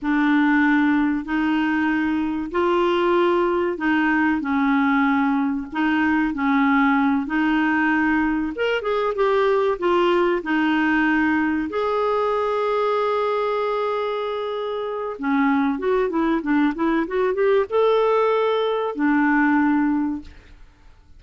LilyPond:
\new Staff \with { instrumentName = "clarinet" } { \time 4/4 \tempo 4 = 95 d'2 dis'2 | f'2 dis'4 cis'4~ | cis'4 dis'4 cis'4. dis'8~ | dis'4. ais'8 gis'8 g'4 f'8~ |
f'8 dis'2 gis'4.~ | gis'1 | cis'4 fis'8 e'8 d'8 e'8 fis'8 g'8 | a'2 d'2 | }